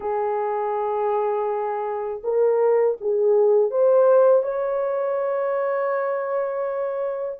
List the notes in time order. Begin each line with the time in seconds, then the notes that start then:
0.00 G#4
2.23 A#4
3.00 G#4
3.70 C5
4.42 C#5